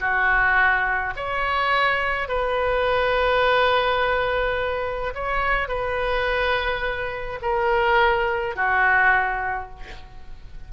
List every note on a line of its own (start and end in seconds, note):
0.00 1.14 F#4
1.17 2.29 C#5
2.29 5.14 B4
5.15 5.68 C#5
5.68 7.40 B4
7.42 8.56 A#4
8.56 9.70 F#4